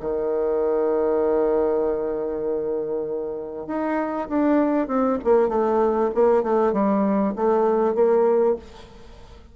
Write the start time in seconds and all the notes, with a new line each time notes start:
0.00 D#3
3.67 D#4
4.28 D4
4.87 C4
5.24 A#3
5.49 A3
6.14 A#3
6.43 A3
6.72 G3
7.36 A3
7.95 A#3